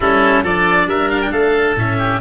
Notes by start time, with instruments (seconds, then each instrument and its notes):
0.00 tuba G3, cello C#4, oboe E4 A4
0.43 tuba F3, cello D4, oboe A4 D5
0.86 tuba G3, oboe A#4 E5
1.09 oboe F5
1.21 oboe G5
1.31 tuba A3, oboe A4 F5
1.75 tuba A2, cello C#4, oboe E5
1.98 oboe G4